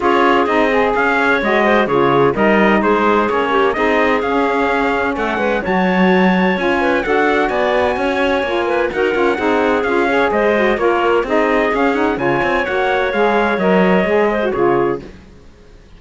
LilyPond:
<<
  \new Staff \with { instrumentName = "trumpet" } { \time 4/4 \tempo 4 = 128 cis''4 dis''4 f''4 dis''4 | cis''4 dis''4 c''4 cis''4 | dis''4 f''2 fis''4 | a''2 gis''4 fis''4 |
gis''2. fis''4~ | fis''4 f''4 dis''4 cis''4 | dis''4 f''8 fis''8 gis''4 fis''4 | f''4 dis''2 cis''4 | }
  \new Staff \with { instrumentName = "clarinet" } { \time 4/4 gis'2~ gis'8 cis''4 c''8 | gis'4 ais'4 gis'4. g'8 | gis'2. a'8 b'8 | cis''2~ cis''8 b'8 a'4 |
d''4 cis''4. b'8 ais'4 | gis'4. cis''8 c''4 ais'4 | gis'2 cis''2~ | cis''2~ cis''8 c''8 gis'4 | }
  \new Staff \with { instrumentName = "saxophone" } { \time 4/4 f'4 dis'8 gis'4. fis'4 | f'4 dis'2 cis'4 | dis'4 cis'2. | fis'2 f'4 fis'4~ |
fis'2 f'4 fis'8 f'8 | dis'4 f'8 gis'4 fis'8 f'4 | dis'4 cis'8 dis'8 f'4 fis'4 | gis'4 ais'4 gis'8. fis'16 f'4 | }
  \new Staff \with { instrumentName = "cello" } { \time 4/4 cis'4 c'4 cis'4 gis4 | cis4 g4 gis4 ais4 | c'4 cis'2 a8 gis8 | fis2 cis'4 d'4 |
b4 cis'4 ais4 dis'8 cis'8 | c'4 cis'4 gis4 ais4 | c'4 cis'4 cis8 c'8 ais4 | gis4 fis4 gis4 cis4 | }
>>